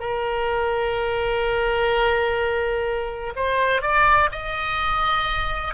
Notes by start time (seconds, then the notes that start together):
0.00 A#4
3.35 C5
3.82 D5
4.32 D#5